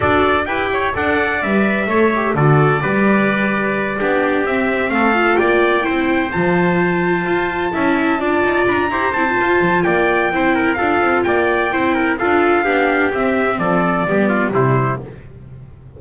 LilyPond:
<<
  \new Staff \with { instrumentName = "trumpet" } { \time 4/4 \tempo 4 = 128 d''4 g''4 fis''4 e''4~ | e''4 d''2.~ | d''4. e''4 f''4 g''8~ | g''4. a''2~ a''8~ |
a''2~ a''8 ais''4 a''8~ | a''4 g''2 f''4 | g''2 f''2 | e''4 d''2 c''4 | }
  \new Staff \with { instrumentName = "trumpet" } { \time 4/4 a'4 b'8 cis''8 d''2 | cis''4 a'4 b'2~ | b'8 g'2 a'4 d''8~ | d''8 c''2.~ c''8~ |
c''8 e''4 d''4. c''4~ | c''4 d''4 c''8 ais'8 a'4 | d''4 c''8 ais'8 a'4 g'4~ | g'4 a'4 g'8 f'8 e'4 | }
  \new Staff \with { instrumentName = "viola" } { \time 4/4 fis'4 g'4 a'4 b'4 | a'8 g'8 fis'4 g'2~ | g'8 d'4 c'4. f'4~ | f'8 e'4 f'2~ f'8~ |
f'8 e'4 f'4. g'8 e'16 f'16~ | f'2 e'4 f'4~ | f'4 e'4 f'4 d'4 | c'2 b4 g4 | }
  \new Staff \with { instrumentName = "double bass" } { \time 4/4 d'4 e'4 d'4 g4 | a4 d4 g2~ | g8 b4 c'4 a4 ais8~ | ais8 c'4 f2 f'8~ |
f'8 cis'4 d'8 dis'8 d'8 e'8 c'8 | f'8 f8 ais4 c'4 d'8 c'8 | ais4 c'4 d'4 b4 | c'4 f4 g4 c4 | }
>>